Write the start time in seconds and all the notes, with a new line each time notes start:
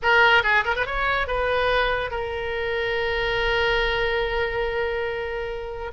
0.02 A#4
0.43 G#4
0.64 A#4
0.75 B4
0.86 C#5
1.27 B4
2.10 A#4